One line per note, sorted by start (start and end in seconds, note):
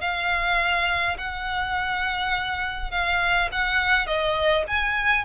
0.00 1.17 F5
1.18 2.90 F#5
2.90 3.49 F5
3.52 4.06 F#5
4.06 4.64 D#5
4.67 5.24 G#5